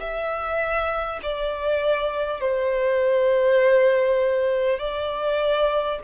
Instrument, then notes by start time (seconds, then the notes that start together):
violin
0.00 E5
1.23 D5
2.41 C5
4.79 D5